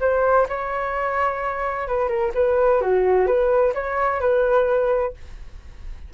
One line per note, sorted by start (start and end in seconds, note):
0.00 0.47 C5
0.48 1.87 C#5
1.87 2.08 B4
2.08 2.32 A#4
2.34 2.81 B4
2.81 3.26 F#4
3.26 3.73 B4
3.74 4.20 C#5
4.20 5.13 B4